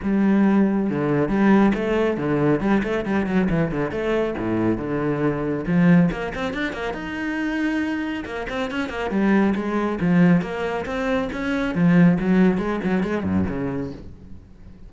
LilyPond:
\new Staff \with { instrumentName = "cello" } { \time 4/4 \tempo 4 = 138 g2 d4 g4 | a4 d4 g8 a8 g8 fis8 | e8 d8 a4 a,4 d4~ | d4 f4 ais8 c'8 d'8 ais8 |
dis'2. ais8 c'8 | cis'8 ais8 g4 gis4 f4 | ais4 c'4 cis'4 f4 | fis4 gis8 fis8 gis8 fis,8 cis4 | }